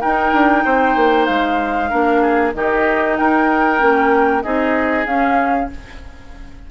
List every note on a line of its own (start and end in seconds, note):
0.00 1.89 D#4
0.00 0.33 D#4
0.00 0.63 A#4
0.00 1.25 G5
0.33 0.64 D4
0.65 0.96 C4
0.65 1.90 C5
0.96 1.27 A#3
1.25 1.92 G#3
1.25 2.52 F5
1.90 2.54 A#3
1.90 2.53 D4
1.90 2.21 A#4
2.21 2.53 G#4
2.54 3.17 D#3
2.54 3.79 D#4
2.54 3.18 G4
2.54 3.16 D#5
3.16 3.81 D#4
3.16 4.43 A#4
3.16 4.42 G5
3.79 4.44 A#3
3.79 4.42 C#4
4.42 5.06 C4
4.42 5.06 D#4
4.42 5.69 G#4
4.42 5.06 D#5
5.06 5.69 C#4
5.06 5.70 C#4
5.06 5.69 F5